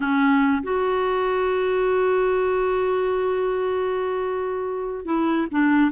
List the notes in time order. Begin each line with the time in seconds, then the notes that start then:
0.00 C#4
0.63 F#4
5.05 E4
5.51 D4